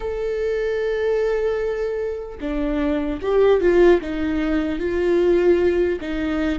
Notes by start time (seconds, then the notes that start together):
0.00 A4
2.40 D4
3.21 G4
3.60 F4
4.01 D#4
4.79 F4
6.00 D#4